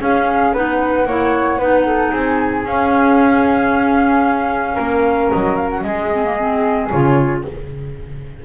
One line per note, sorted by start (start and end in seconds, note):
0.00 0.53 C#4
0.00 0.54 C#4
0.00 0.53 G#4
0.00 0.55 F5
0.53 1.05 B3
0.53 1.07 D#4
0.53 1.06 B4
0.53 2.14 F#5
1.05 1.58 A#3
1.05 1.60 E4
1.05 1.58 C#5
1.58 2.11 B3
1.58 2.66 D#4
1.58 1.85 B4
1.86 2.11 A4
2.11 2.64 C4
2.11 4.74 G#4
2.11 2.66 G#5
2.64 4.77 C#4
2.64 6.11 C#4
2.64 5.31 F5
4.74 5.31 A#3
4.74 5.81 A#4
5.31 5.84 F#3
5.31 5.56 D#5
5.56 5.69 F5
5.70 5.82 F#5
5.82 6.90 G#3
5.82 7.42 G#4
5.82 6.88 D#5
6.12 6.24 C4
6.24 6.37 A#3
6.38 6.91 C4
6.89 7.45 C#3
6.89 7.44 F4
6.89 7.42 C#5